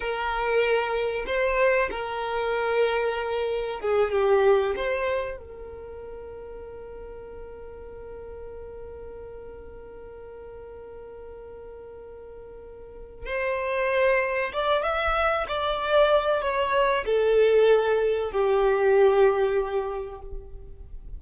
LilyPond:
\new Staff \with { instrumentName = "violin" } { \time 4/4 \tempo 4 = 95 ais'2 c''4 ais'4~ | ais'2 gis'8 g'4 c''8~ | c''8 ais'2.~ ais'8~ | ais'1~ |
ais'1~ | ais'4 c''2 d''8 e''8~ | e''8 d''4. cis''4 a'4~ | a'4 g'2. | }